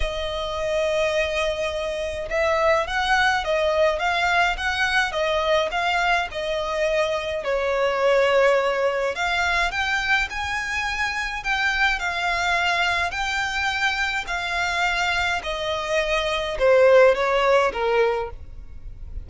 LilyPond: \new Staff \with { instrumentName = "violin" } { \time 4/4 \tempo 4 = 105 dis''1 | e''4 fis''4 dis''4 f''4 | fis''4 dis''4 f''4 dis''4~ | dis''4 cis''2. |
f''4 g''4 gis''2 | g''4 f''2 g''4~ | g''4 f''2 dis''4~ | dis''4 c''4 cis''4 ais'4 | }